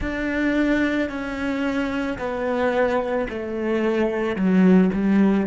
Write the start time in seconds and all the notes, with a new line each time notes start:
0.00 D4
1.09 C#4
2.18 B3
3.29 A3
4.35 F#3
4.93 G3